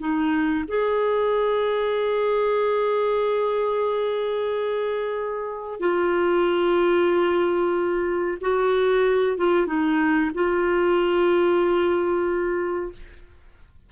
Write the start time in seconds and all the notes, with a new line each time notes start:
0.00 D#4
0.68 G#4
5.80 F4
8.41 F#4
9.37 F4
9.67 D#4
10.34 F4